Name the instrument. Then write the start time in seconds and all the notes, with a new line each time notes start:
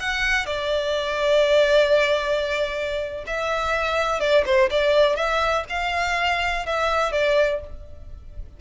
violin
0.00 F#5
0.47 D5
3.27 E5
4.21 D5
4.46 C5
4.71 D5
5.17 E5
5.70 F5
6.66 E5
7.12 D5